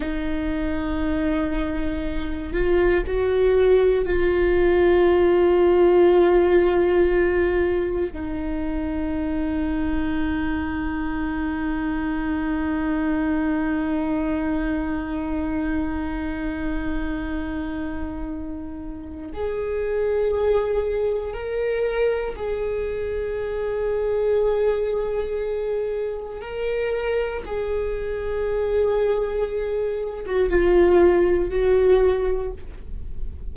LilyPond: \new Staff \with { instrumentName = "viola" } { \time 4/4 \tempo 4 = 59 dis'2~ dis'8 f'8 fis'4 | f'1 | dis'1~ | dis'1~ |
dis'2. gis'4~ | gis'4 ais'4 gis'2~ | gis'2 ais'4 gis'4~ | gis'4.~ gis'16 fis'16 f'4 fis'4 | }